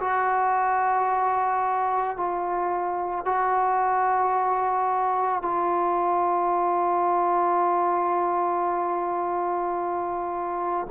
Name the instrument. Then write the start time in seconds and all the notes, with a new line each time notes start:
trombone
0.00 F#4
2.17 F4
3.26 F#4
5.42 F4